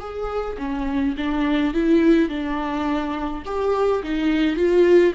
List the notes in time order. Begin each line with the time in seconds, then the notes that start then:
0.00 G#4
0.58 C#4
1.17 D4
1.74 E4
2.29 D4
3.45 G4
4.03 D#4
4.56 F4